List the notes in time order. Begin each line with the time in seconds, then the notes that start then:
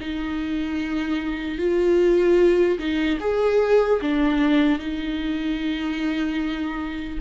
0.00 D#4
1.58 F4
2.79 D#4
3.20 G#4
4.01 D4
4.79 D#4